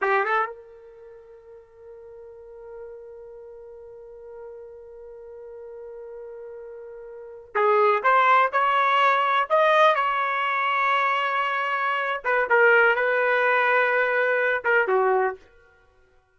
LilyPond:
\new Staff \with { instrumentName = "trumpet" } { \time 4/4 \tempo 4 = 125 g'8 a'8 ais'2.~ | ais'1~ | ais'1~ | ais'2.~ ais'8. gis'16~ |
gis'8. c''4 cis''2 dis''16~ | dis''8. cis''2.~ cis''16~ | cis''4. b'8 ais'4 b'4~ | b'2~ b'8 ais'8 fis'4 | }